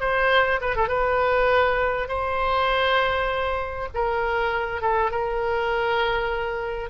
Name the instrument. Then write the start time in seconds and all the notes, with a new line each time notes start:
oboe
0.00 C5
0.61 B4
0.76 A4
0.88 B4
2.08 C5
3.94 A#4
4.81 A4
5.11 A#4